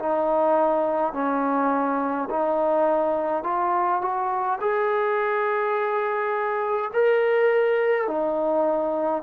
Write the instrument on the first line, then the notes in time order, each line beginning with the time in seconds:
trombone
0.00 D#4
1.13 C#4
2.30 D#4
3.44 F4
4.02 F#4
4.60 G#4
6.94 A#4
8.08 D#4